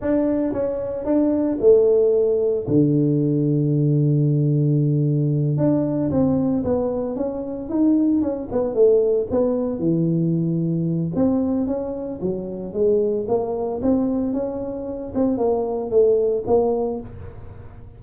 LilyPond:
\new Staff \with { instrumentName = "tuba" } { \time 4/4 \tempo 4 = 113 d'4 cis'4 d'4 a4~ | a4 d2.~ | d2~ d8 d'4 c'8~ | c'8 b4 cis'4 dis'4 cis'8 |
b8 a4 b4 e4.~ | e4 c'4 cis'4 fis4 | gis4 ais4 c'4 cis'4~ | cis'8 c'8 ais4 a4 ais4 | }